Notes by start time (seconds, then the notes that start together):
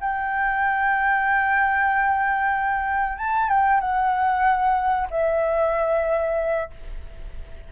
0.00 G5
3.18 A5
3.48 G5
3.80 F#5
5.10 E5